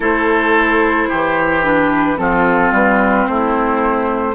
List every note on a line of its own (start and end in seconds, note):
0.00 1.07 A3
0.00 1.62 E4
0.00 1.08 A4
0.00 1.65 C5
1.08 2.18 E3
1.08 2.17 G4
1.63 2.16 D4
1.63 2.17 B4
2.16 2.71 F3
2.16 4.35 C4
2.16 3.30 F4
2.16 2.72 A4
2.71 3.26 G3
2.71 3.26 B4
3.26 4.35 A3
3.26 4.35 E4
3.26 4.35 C5